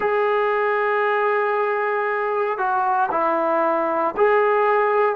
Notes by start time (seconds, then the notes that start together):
0.00 G#4
2.58 F#4
3.11 E4
4.17 G#4